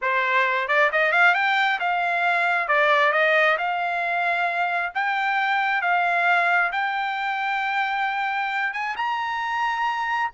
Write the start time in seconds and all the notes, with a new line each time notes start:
0.01 C5
0.67 D5
0.92 D#5
1.12 F5
1.34 G5
1.79 F5
2.68 D5
3.12 D#5
3.58 F5
4.94 G5
5.81 F5
6.72 G5
8.73 G#5
8.96 A#5